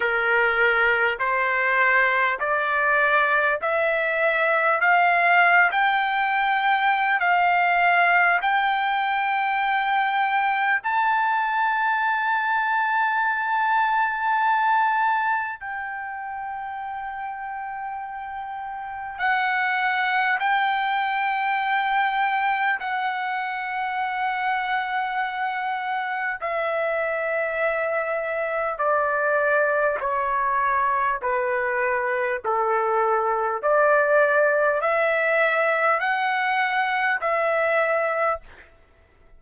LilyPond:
\new Staff \with { instrumentName = "trumpet" } { \time 4/4 \tempo 4 = 50 ais'4 c''4 d''4 e''4 | f''8. g''4~ g''16 f''4 g''4~ | g''4 a''2.~ | a''4 g''2. |
fis''4 g''2 fis''4~ | fis''2 e''2 | d''4 cis''4 b'4 a'4 | d''4 e''4 fis''4 e''4 | }